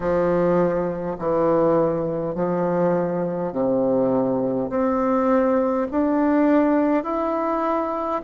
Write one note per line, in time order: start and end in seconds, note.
0.00 1.17 F3
1.18 2.35 E3
2.35 3.52 F3
3.52 4.69 C3
4.69 5.87 C4
5.91 7.03 D4
7.03 8.21 E4